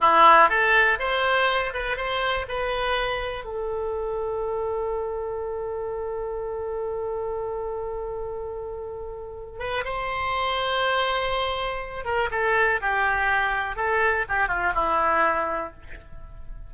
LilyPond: \new Staff \with { instrumentName = "oboe" } { \time 4/4 \tempo 4 = 122 e'4 a'4 c''4. b'8 | c''4 b'2 a'4~ | a'1~ | a'1~ |
a'2.~ a'8 b'8 | c''1~ | c''8 ais'8 a'4 g'2 | a'4 g'8 f'8 e'2 | }